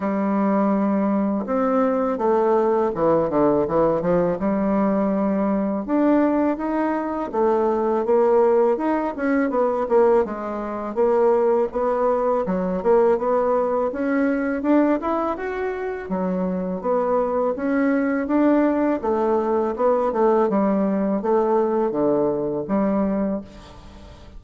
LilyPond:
\new Staff \with { instrumentName = "bassoon" } { \time 4/4 \tempo 4 = 82 g2 c'4 a4 | e8 d8 e8 f8 g2 | d'4 dis'4 a4 ais4 | dis'8 cis'8 b8 ais8 gis4 ais4 |
b4 fis8 ais8 b4 cis'4 | d'8 e'8 fis'4 fis4 b4 | cis'4 d'4 a4 b8 a8 | g4 a4 d4 g4 | }